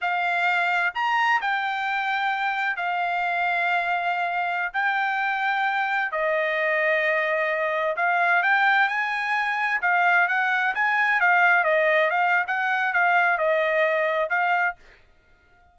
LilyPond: \new Staff \with { instrumentName = "trumpet" } { \time 4/4 \tempo 4 = 130 f''2 ais''4 g''4~ | g''2 f''2~ | f''2~ f''16 g''4.~ g''16~ | g''4~ g''16 dis''2~ dis''8.~ |
dis''4~ dis''16 f''4 g''4 gis''8.~ | gis''4~ gis''16 f''4 fis''4 gis''8.~ | gis''16 f''4 dis''4 f''8. fis''4 | f''4 dis''2 f''4 | }